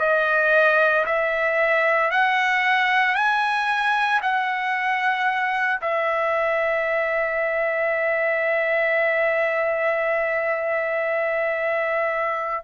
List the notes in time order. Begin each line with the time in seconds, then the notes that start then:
0.00 D#5
1.06 E5
2.11 F#5
3.15 G#5
4.22 F#5
5.82 E5